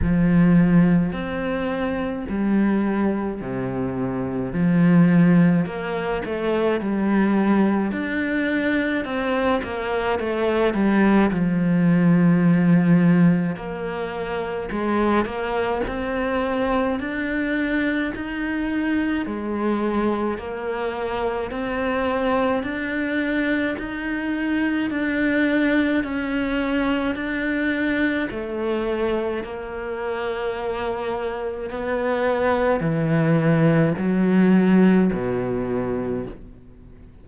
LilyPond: \new Staff \with { instrumentName = "cello" } { \time 4/4 \tempo 4 = 53 f4 c'4 g4 c4 | f4 ais8 a8 g4 d'4 | c'8 ais8 a8 g8 f2 | ais4 gis8 ais8 c'4 d'4 |
dis'4 gis4 ais4 c'4 | d'4 dis'4 d'4 cis'4 | d'4 a4 ais2 | b4 e4 fis4 b,4 | }